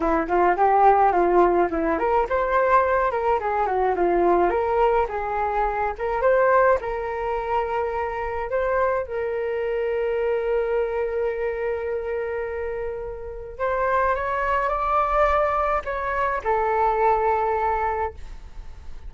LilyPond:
\new Staff \with { instrumentName = "flute" } { \time 4/4 \tempo 4 = 106 e'8 f'8 g'4 f'4 e'8 ais'8 | c''4. ais'8 gis'8 fis'8 f'4 | ais'4 gis'4. ais'8 c''4 | ais'2. c''4 |
ais'1~ | ais'1 | c''4 cis''4 d''2 | cis''4 a'2. | }